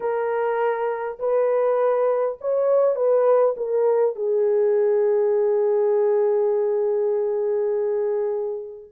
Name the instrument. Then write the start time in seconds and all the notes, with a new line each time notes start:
horn
0.00 A#4
1.19 B4
2.40 C#5
2.95 B4
3.56 A#4
4.15 G#4